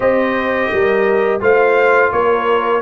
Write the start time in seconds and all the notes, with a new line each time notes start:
0.00 C4 G4 C5 D#5
0.72 G3 A#4
1.40 A3 F4 C5 F5
2.11 A#3 A#4 C#5